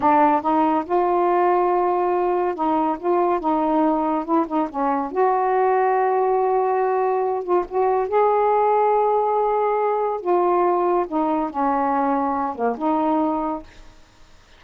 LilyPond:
\new Staff \with { instrumentName = "saxophone" } { \time 4/4 \tempo 4 = 141 d'4 dis'4 f'2~ | f'2 dis'4 f'4 | dis'2 e'8 dis'8 cis'4 | fis'1~ |
fis'4. f'8 fis'4 gis'4~ | gis'1 | f'2 dis'4 cis'4~ | cis'4. ais8 dis'2 | }